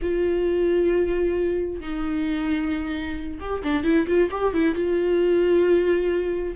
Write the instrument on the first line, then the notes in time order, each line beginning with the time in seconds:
viola
0.01 F4
1.80 D#4
3.40 G4
3.63 D4
3.83 E4
4.07 F4
4.30 G4
4.53 E4
4.75 F4